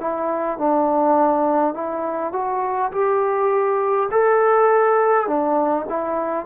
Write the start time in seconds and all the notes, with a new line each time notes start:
0.00 E4
0.58 D4
1.74 E4
2.33 F#4
2.91 G4
4.11 A4
5.27 D4
5.89 E4